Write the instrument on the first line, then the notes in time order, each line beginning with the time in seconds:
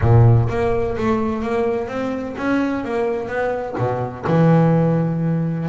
double bass
0.01 A#2
0.49 A#3
0.97 A3
1.42 A#3
1.88 C4
2.37 C#4
2.84 A#3
3.28 B3
3.78 B2
4.27 E3